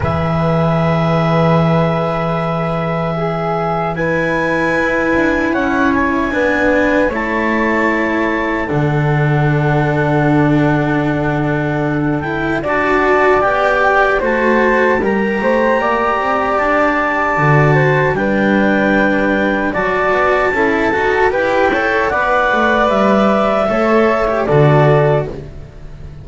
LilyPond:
<<
  \new Staff \with { instrumentName = "clarinet" } { \time 4/4 \tempo 4 = 76 e''1~ | e''4 gis''2 fis''8 gis''8~ | gis''4 a''2 fis''4~ | fis''2.~ fis''8 g''8 |
a''4 g''4 a''4 ais''4~ | ais''4 a''2 g''4~ | g''4 a''2 g''4 | fis''4 e''2 d''4 | }
  \new Staff \with { instrumentName = "flute" } { \time 4/4 b'1 | gis'4 b'2 cis''4 | b'4 cis''2 a'4~ | a'1 |
d''2 c''4 ais'8 c''8 | d''2~ d''8 c''8 b'4~ | b'4 d''4 a'4 b'8 cis''8 | d''2 cis''4 a'4 | }
  \new Staff \with { instrumentName = "cello" } { \time 4/4 gis'1~ | gis'4 e'2. | d'4 e'2 d'4~ | d'2.~ d'8 e'8 |
fis'4 g'4 fis'4 g'4~ | g'2 fis'4 d'4~ | d'4 fis'4 e'8 fis'8 g'8 a'8 | b'2 a'8. g'16 fis'4 | }
  \new Staff \with { instrumentName = "double bass" } { \time 4/4 e1~ | e2 e'8 d'8 cis'4 | b4 a2 d4~ | d1 |
d'4 b4 a4 g8 a8 | ais8 c'8 d'4 d4 g4~ | g4 fis8 b8 cis'8 dis'8 e'4 | b8 a8 g4 a4 d4 | }
>>